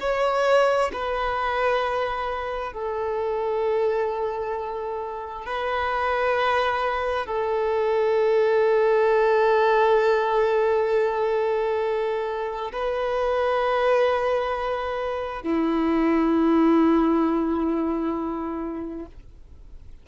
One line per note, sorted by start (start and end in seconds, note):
0.00 0.91 C#5
0.93 2.73 B4
2.73 5.45 A4
5.46 7.26 B4
7.26 12.71 A4
12.72 15.42 B4
15.42 19.06 E4